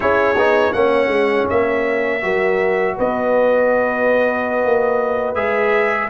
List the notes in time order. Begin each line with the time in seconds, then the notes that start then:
0.00 C#4 E4 G#4 C#5
0.35 B3 D#4
0.72 A#3 C#4 C#5 F#5
1.08 G#3
1.49 A#3 E5
2.21 F#3 F#4 A#4
2.96 B3 B4 D#5
4.65 A#3
5.35 G#3 G#4 E5